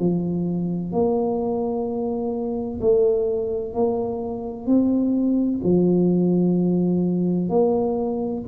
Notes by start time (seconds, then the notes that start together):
0.00 F3
0.93 A#3
2.81 A3
3.74 A#3
4.67 C4
5.64 F3
7.50 A#3